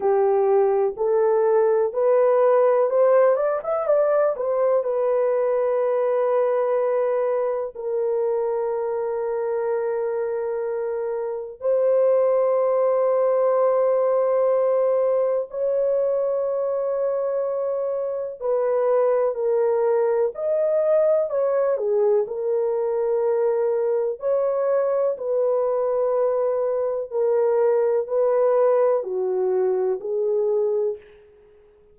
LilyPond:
\new Staff \with { instrumentName = "horn" } { \time 4/4 \tempo 4 = 62 g'4 a'4 b'4 c''8 d''16 e''16 | d''8 c''8 b'2. | ais'1 | c''1 |
cis''2. b'4 | ais'4 dis''4 cis''8 gis'8 ais'4~ | ais'4 cis''4 b'2 | ais'4 b'4 fis'4 gis'4 | }